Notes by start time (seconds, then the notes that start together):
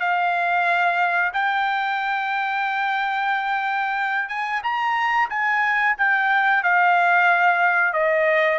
0.00 F5
1.33 G5
4.29 G#5
4.63 A#5
5.30 G#5
5.98 G5
6.63 F5
7.93 D#5